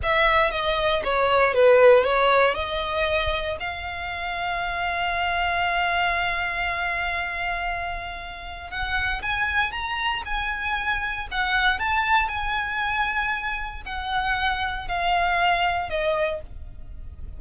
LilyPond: \new Staff \with { instrumentName = "violin" } { \time 4/4 \tempo 4 = 117 e''4 dis''4 cis''4 b'4 | cis''4 dis''2 f''4~ | f''1~ | f''1~ |
f''4 fis''4 gis''4 ais''4 | gis''2 fis''4 a''4 | gis''2. fis''4~ | fis''4 f''2 dis''4 | }